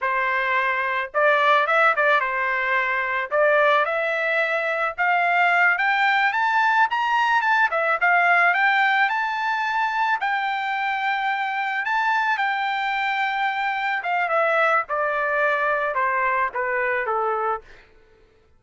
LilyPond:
\new Staff \with { instrumentName = "trumpet" } { \time 4/4 \tempo 4 = 109 c''2 d''4 e''8 d''8 | c''2 d''4 e''4~ | e''4 f''4. g''4 a''8~ | a''8 ais''4 a''8 e''8 f''4 g''8~ |
g''8 a''2 g''4.~ | g''4. a''4 g''4.~ | g''4. f''8 e''4 d''4~ | d''4 c''4 b'4 a'4 | }